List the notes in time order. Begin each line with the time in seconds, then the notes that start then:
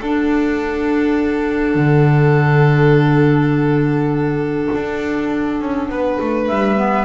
0.00 D4 A4 F#5
1.74 D3
4.74 D4
5.61 C#4
5.89 B3 B4
6.20 A3
6.47 G3 E5
6.77 B3